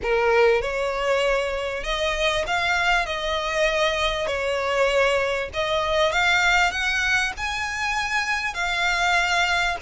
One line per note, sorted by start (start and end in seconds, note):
0.02 0.61 A#4
0.61 1.83 C#5
1.83 2.44 D#5
2.47 3.06 F5
3.06 4.26 D#5
4.26 5.49 C#5
5.53 6.12 D#5
6.12 6.71 F5
6.71 7.32 F#5
7.37 8.54 G#5
8.54 9.76 F5